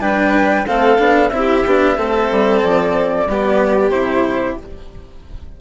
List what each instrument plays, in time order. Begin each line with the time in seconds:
0.00 bassoon G3, cello D4, violin B4, flute G5
0.67 bassoon A3, cello C4, violin A4, flute F5
0.99 bassoon B3, cello D4
1.29 bassoon C4, cello E4, flute E5
1.37 violin G4
1.66 bassoon B3, cello D4
1.98 bassoon A3, cello C4, violin A4
2.32 bassoon G3
2.63 bassoon F3, flute D5
3.26 bassoon G3, cello B3, violin G4
3.90 bassoon C3, cello E4, flute C5